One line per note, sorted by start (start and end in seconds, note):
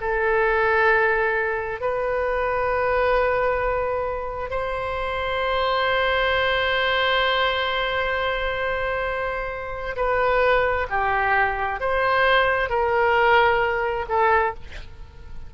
0.00 1.80 A4
1.80 4.50 B4
4.50 9.95 C5
9.95 10.86 B4
10.89 11.80 G4
11.80 12.69 C5
12.69 14.05 A#4
14.08 14.54 A4